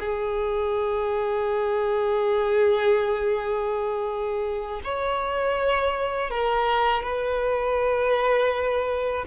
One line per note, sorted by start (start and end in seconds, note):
0.00 4.81 G#4
4.85 6.31 C#5
6.31 7.03 A#4
7.03 9.26 B4